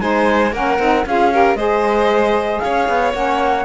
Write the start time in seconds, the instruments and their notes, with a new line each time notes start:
0.00 cello G#3, saxophone D#4, violin C5, flute G#5
0.52 cello A#3, saxophone C#4, violin A#4, flute F#5
0.78 cello C4, saxophone D#4
1.06 cello C#4, saxophone F4, violin G#4, flute F5
1.32 saxophone G4, violin A#4
1.54 cello G#3, saxophone G#4, violin C5, flute D#5
2.59 cello C#4, violin C#5, flute F5
2.88 cello B3
3.13 cello A#3, saxophone C#4, flute F#5